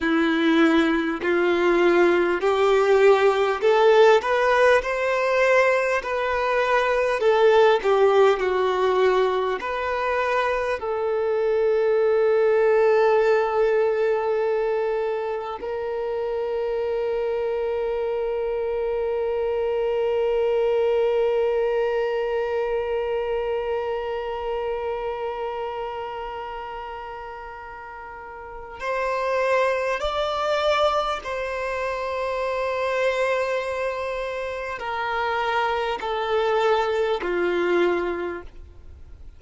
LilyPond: \new Staff \with { instrumentName = "violin" } { \time 4/4 \tempo 4 = 50 e'4 f'4 g'4 a'8 b'8 | c''4 b'4 a'8 g'8 fis'4 | b'4 a'2.~ | a'4 ais'2.~ |
ais'1~ | ais'1 | c''4 d''4 c''2~ | c''4 ais'4 a'4 f'4 | }